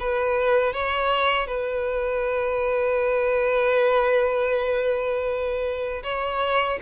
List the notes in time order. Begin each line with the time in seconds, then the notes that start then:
0.00 B4
0.74 C#5
1.47 B4
6.03 C#5